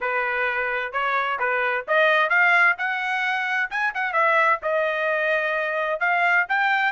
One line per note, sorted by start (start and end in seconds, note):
0.00 0.92 B4
0.92 1.38 C#5
1.39 1.85 B4
1.87 2.29 D#5
2.29 2.75 F5
2.77 3.70 F#5
3.70 3.93 G#5
3.94 4.13 F#5
4.13 4.59 E5
4.62 6.00 D#5
6.00 6.46 F5
6.48 6.92 G5